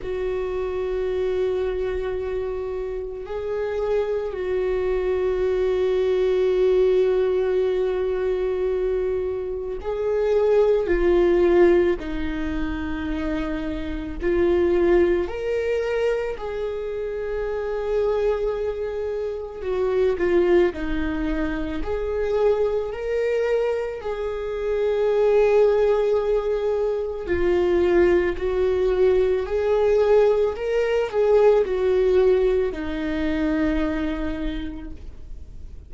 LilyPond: \new Staff \with { instrumentName = "viola" } { \time 4/4 \tempo 4 = 55 fis'2. gis'4 | fis'1~ | fis'4 gis'4 f'4 dis'4~ | dis'4 f'4 ais'4 gis'4~ |
gis'2 fis'8 f'8 dis'4 | gis'4 ais'4 gis'2~ | gis'4 f'4 fis'4 gis'4 | ais'8 gis'8 fis'4 dis'2 | }